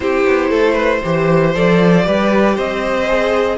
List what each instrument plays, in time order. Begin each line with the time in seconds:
0.00 cello C4, viola E4, violin G4 C5
0.25 cello B3
0.49 cello A3, violin A4
0.73 violin B4
1.03 cello E3, viola G4, violin C5
1.54 cello F3, viola A4, violin D5
2.03 cello G3, viola G4, violin B4
2.54 cello C4, violin C5 D#5
3.07 viola G#4